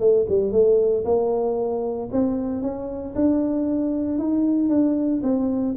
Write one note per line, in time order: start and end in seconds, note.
0.00 0.26 A3
0.29 0.52 G3
0.52 1.04 A3
1.05 2.09 A#3
2.12 2.62 C4
2.62 3.14 C#4
3.15 4.18 D4
4.18 4.70 D#4
4.70 5.22 D4
5.23 5.75 C4